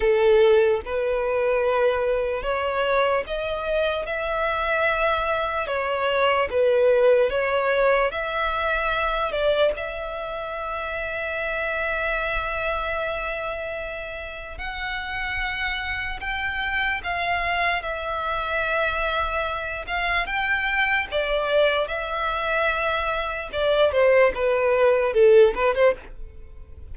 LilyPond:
\new Staff \with { instrumentName = "violin" } { \time 4/4 \tempo 4 = 74 a'4 b'2 cis''4 | dis''4 e''2 cis''4 | b'4 cis''4 e''4. d''8 | e''1~ |
e''2 fis''2 | g''4 f''4 e''2~ | e''8 f''8 g''4 d''4 e''4~ | e''4 d''8 c''8 b'4 a'8 b'16 c''16 | }